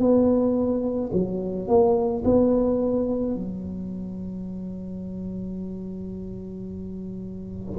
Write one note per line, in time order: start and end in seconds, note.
0.00 1.11 B3
1.13 1.68 F#3
1.68 2.24 A#3
2.25 3.36 B3
3.36 7.80 F#3